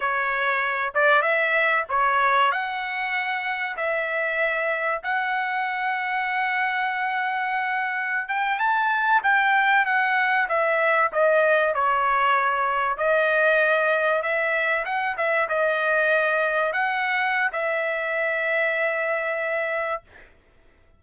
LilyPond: \new Staff \with { instrumentName = "trumpet" } { \time 4/4 \tempo 4 = 96 cis''4. d''8 e''4 cis''4 | fis''2 e''2 | fis''1~ | fis''4~ fis''16 g''8 a''4 g''4 fis''16~ |
fis''8. e''4 dis''4 cis''4~ cis''16~ | cis''8. dis''2 e''4 fis''16~ | fis''16 e''8 dis''2 fis''4~ fis''16 | e''1 | }